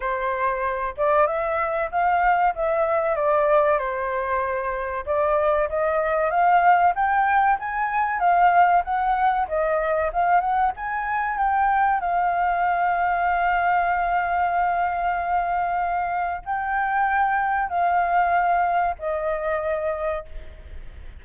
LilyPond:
\new Staff \with { instrumentName = "flute" } { \time 4/4 \tempo 4 = 95 c''4. d''8 e''4 f''4 | e''4 d''4 c''2 | d''4 dis''4 f''4 g''4 | gis''4 f''4 fis''4 dis''4 |
f''8 fis''8 gis''4 g''4 f''4~ | f''1~ | f''2 g''2 | f''2 dis''2 | }